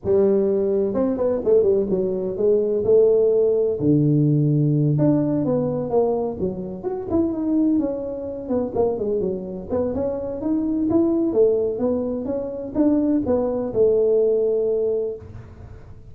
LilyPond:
\new Staff \with { instrumentName = "tuba" } { \time 4/4 \tempo 4 = 127 g2 c'8 b8 a8 g8 | fis4 gis4 a2 | d2~ d8 d'4 b8~ | b8 ais4 fis4 fis'8 e'8 dis'8~ |
dis'8 cis'4. b8 ais8 gis8 fis8~ | fis8 b8 cis'4 dis'4 e'4 | a4 b4 cis'4 d'4 | b4 a2. | }